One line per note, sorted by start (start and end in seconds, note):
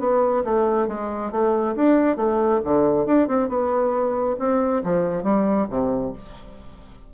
0.00 0.44 B3
0.45 0.88 A3
0.88 1.32 G#3
1.32 1.76 A3
1.76 2.17 D4
2.17 2.61 A3
2.65 3.06 D3
3.06 3.28 D4
3.28 3.49 C4
3.49 4.37 B3
4.39 4.83 C4
4.84 5.24 F3
5.24 5.67 G3
5.70 6.14 C3